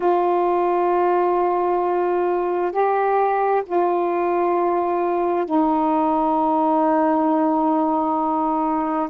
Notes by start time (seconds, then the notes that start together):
0.00 F4
2.71 G4
3.66 F4
5.45 D#4